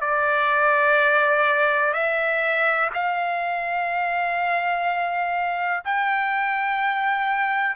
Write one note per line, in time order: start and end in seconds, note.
0.00 1.93 D5
1.93 2.89 E5
2.93 5.84 F5
5.84 7.75 G5